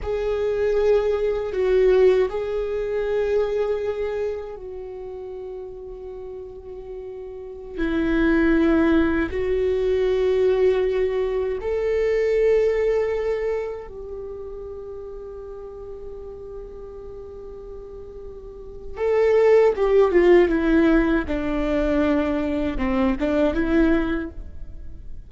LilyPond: \new Staff \with { instrumentName = "viola" } { \time 4/4 \tempo 4 = 79 gis'2 fis'4 gis'4~ | gis'2 fis'2~ | fis'2~ fis'16 e'4.~ e'16~ | e'16 fis'2. a'8.~ |
a'2~ a'16 g'4.~ g'16~ | g'1~ | g'4 a'4 g'8 f'8 e'4 | d'2 c'8 d'8 e'4 | }